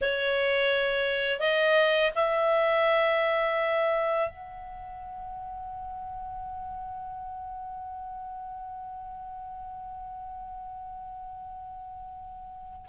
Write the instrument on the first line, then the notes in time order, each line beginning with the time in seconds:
clarinet
0.01 C#5
1.39 D#5
2.15 E5
4.29 F#5